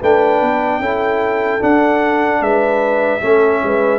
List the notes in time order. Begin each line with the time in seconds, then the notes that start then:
0.00 A3 D4 B4 G5
0.42 B3
0.79 C#4 E4 A4
1.61 D4 F#5
2.41 G#3 B4 E5
3.21 A3 C#4 A4
3.63 G#3 B4